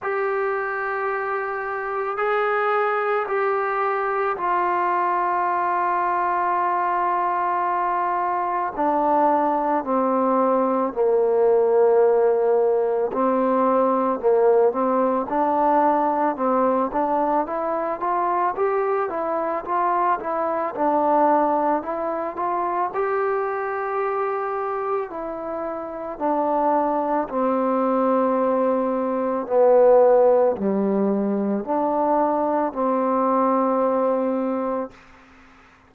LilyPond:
\new Staff \with { instrumentName = "trombone" } { \time 4/4 \tempo 4 = 55 g'2 gis'4 g'4 | f'1 | d'4 c'4 ais2 | c'4 ais8 c'8 d'4 c'8 d'8 |
e'8 f'8 g'8 e'8 f'8 e'8 d'4 | e'8 f'8 g'2 e'4 | d'4 c'2 b4 | g4 d'4 c'2 | }